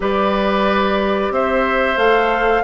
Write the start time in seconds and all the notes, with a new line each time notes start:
0.00 G3 G4 B4 D5
1.30 C4 C5 E5
1.97 A3 A4 F5